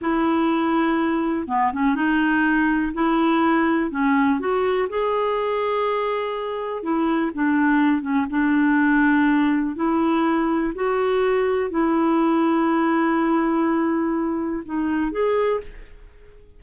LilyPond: \new Staff \with { instrumentName = "clarinet" } { \time 4/4 \tempo 4 = 123 e'2. b8 cis'8 | dis'2 e'2 | cis'4 fis'4 gis'2~ | gis'2 e'4 d'4~ |
d'8 cis'8 d'2. | e'2 fis'2 | e'1~ | e'2 dis'4 gis'4 | }